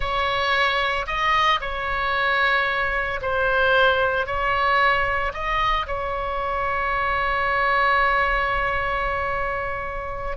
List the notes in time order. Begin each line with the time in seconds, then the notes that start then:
0.00 C#5
1.06 D#5
1.60 C#5
3.21 C5
4.26 C#5
5.33 D#5
5.86 C#5